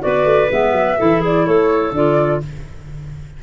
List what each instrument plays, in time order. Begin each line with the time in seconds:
0.00 tuba B3, clarinet F#4 B4, flute D5
0.24 tuba A3
0.50 tuba G#3, clarinet B3, flute E5
0.72 tuba F#3
0.98 tuba E3, clarinet E4 A4
1.21 clarinet G#4, flute D5
1.46 tuba A3, clarinet A4, flute C#5
1.91 tuba D3, clarinet F4, flute D5